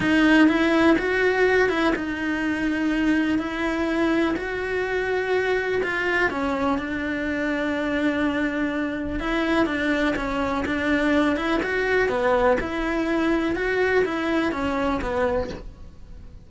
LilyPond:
\new Staff \with { instrumentName = "cello" } { \time 4/4 \tempo 4 = 124 dis'4 e'4 fis'4. e'8 | dis'2. e'4~ | e'4 fis'2. | f'4 cis'4 d'2~ |
d'2. e'4 | d'4 cis'4 d'4. e'8 | fis'4 b4 e'2 | fis'4 e'4 cis'4 b4 | }